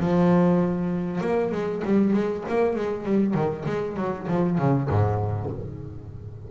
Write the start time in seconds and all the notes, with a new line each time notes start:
0.00 F3
1.22 A#3
1.53 G#3
1.85 G3
2.14 G#3
2.49 A#3
2.76 G#3
3.06 G3
3.35 D#3
3.66 G#3
3.97 F#3
4.28 F3
4.59 C#3
4.90 G#2